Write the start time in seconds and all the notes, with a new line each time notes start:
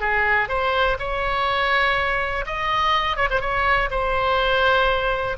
0.00 G#4
0.48 C5
0.99 C#5
2.46 D#5
3.16 C#5
3.30 C5
3.41 C#5
3.90 C5